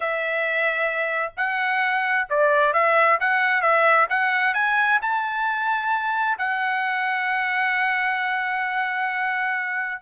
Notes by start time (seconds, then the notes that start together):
0.00 E5
1.37 F#5
2.29 D5
2.73 E5
3.19 F#5
3.61 E5
4.09 F#5
4.54 G#5
5.01 A5
6.38 F#5